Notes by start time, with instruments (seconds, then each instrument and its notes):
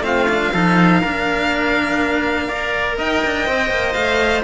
0.00 cello A3 C4, violin F5
0.07 trumpet F4
0.29 cello D4
0.53 cello F3 D#4, trumpet A4
1.00 cello A#3 D4, trumpet A#4
2.48 cello A#4, trumpet D5
2.98 cello D#4, trumpet D#5, violin G5
3.24 cello D4
3.46 cello C4 C5
3.70 cello A#3
3.93 cello A3, violin F5